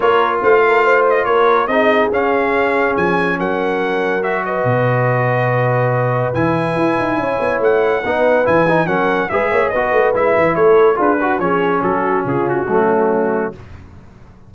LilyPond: <<
  \new Staff \with { instrumentName = "trumpet" } { \time 4/4 \tempo 4 = 142 cis''4 f''4. dis''8 cis''4 | dis''4 f''2 gis''4 | fis''2 e''8 dis''4.~ | dis''2. gis''4~ |
gis''2 fis''2 | gis''4 fis''4 e''4 dis''4 | e''4 cis''4 b'4 cis''4 | a'4 gis'8 fis'2~ fis'8 | }
  \new Staff \with { instrumentName = "horn" } { \time 4/4 ais'4 c''8 ais'8 c''4 ais'4 | gis'1 | ais'2~ ais'8 b'4.~ | b'1~ |
b'4 cis''2 b'4~ | b'4 ais'4 b'8 cis''8 b'4~ | b'4 a'4 gis'8 fis'8 gis'4 | fis'4 f'4 cis'2 | }
  \new Staff \with { instrumentName = "trombone" } { \time 4/4 f'1 | dis'4 cis'2.~ | cis'2 fis'2~ | fis'2. e'4~ |
e'2. dis'4 | e'8 dis'8 cis'4 gis'4 fis'4 | e'2 f'8 fis'8 cis'4~ | cis'2 a2 | }
  \new Staff \with { instrumentName = "tuba" } { \time 4/4 ais4 a2 ais4 | c'4 cis'2 f4 | fis2. b,4~ | b,2. e4 |
e'8 dis'8 cis'8 b8 a4 b4 | e4 fis4 gis8 ais8 b8 a8 | gis8 e8 a4 d'4 f4 | fis4 cis4 fis2 | }
>>